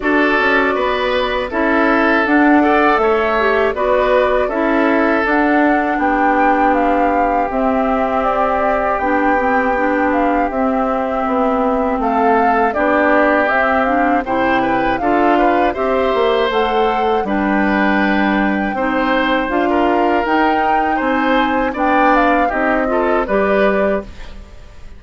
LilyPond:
<<
  \new Staff \with { instrumentName = "flute" } { \time 4/4 \tempo 4 = 80 d''2 e''4 fis''4 | e''4 d''4 e''4 fis''4 | g''4 f''4 e''4 d''4 | g''4. f''8 e''2 |
f''4 d''4 e''8 f''8 g''4 | f''4 e''4 fis''4 g''4~ | g''2 f''4 g''4 | gis''4 g''8 f''8 dis''4 d''4 | }
  \new Staff \with { instrumentName = "oboe" } { \time 4/4 a'4 b'4 a'4. d''8 | cis''4 b'4 a'2 | g'1~ | g'1 |
a'4 g'2 c''8 b'8 | a'8 b'8 c''2 b'4~ | b'4 c''4~ c''16 ais'4.~ ais'16 | c''4 d''4 g'8 a'8 b'4 | }
  \new Staff \with { instrumentName = "clarinet" } { \time 4/4 fis'2 e'4 d'8 a'8~ | a'8 g'8 fis'4 e'4 d'4~ | d'2 c'2 | d'8 c'8 d'4 c'2~ |
c'4 d'4 c'8 d'8 e'4 | f'4 g'4 a'4 d'4~ | d'4 dis'4 f'4 dis'4~ | dis'4 d'4 dis'8 f'8 g'4 | }
  \new Staff \with { instrumentName = "bassoon" } { \time 4/4 d'8 cis'8 b4 cis'4 d'4 | a4 b4 cis'4 d'4 | b2 c'2 | b2 c'4 b4 |
a4 b4 c'4 c4 | d'4 c'8 ais8 a4 g4~ | g4 c'4 d'4 dis'4 | c'4 b4 c'4 g4 | }
>>